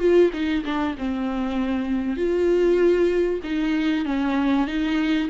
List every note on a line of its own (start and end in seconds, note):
0.00 0.31 F4
0.33 0.64 D#4
0.65 0.96 D4
0.98 2.17 C4
2.17 3.41 F4
3.44 4.06 D#4
4.06 4.68 C#4
4.68 5.29 D#4